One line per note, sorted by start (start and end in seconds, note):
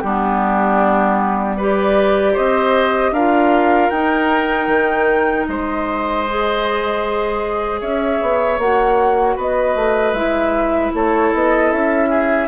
0.00 2.37 G3
0.00 1.59 B3
0.00 1.57 D4
0.00 1.56 G4
1.57 3.15 G4
1.57 2.32 B4
1.57 2.37 D5
2.32 3.11 C4
2.32 3.10 C5
2.32 3.13 D#5
3.11 3.89 D4
3.11 3.93 F4
3.11 5.46 A#4
3.11 3.89 F5
3.89 4.67 D#4
3.89 6.26 D#4
3.89 5.45 G5
4.67 5.45 D#3
5.46 7.81 G#3
5.46 7.80 C5
5.46 7.80 D#5
6.29 8.60 G#4
7.80 8.20 C#4
7.80 9.35 C#5
7.80 8.59 E5
8.21 8.58 B3
8.58 9.36 A#3
8.58 10.16 F#4
8.58 9.37 F#5
9.35 9.75 B3
9.35 10.91 B4
9.35 10.13 D#5
9.75 10.12 A3
10.12 10.90 G#3
10.12 12.48 E4
10.12 10.91 E5
10.93 11.32 A3
10.93 12.09 A4
10.93 11.33 C#5
11.33 11.71 B3
11.33 11.71 D#5
11.71 12.48 C#4
11.71 12.48 E5
12.09 12.48 G#4